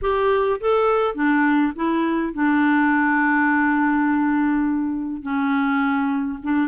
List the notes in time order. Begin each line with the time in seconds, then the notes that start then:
0.01 G4
0.60 A4
1.14 D4
1.75 E4
2.33 D4
5.22 C#4
6.43 D4